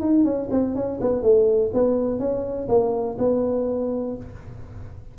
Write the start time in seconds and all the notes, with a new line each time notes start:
0.00 D#4
0.24 C#4
0.51 C4
0.75 C#4
1.00 B3
1.22 A3
1.73 B3
2.19 C#4
2.68 A#3
3.18 B3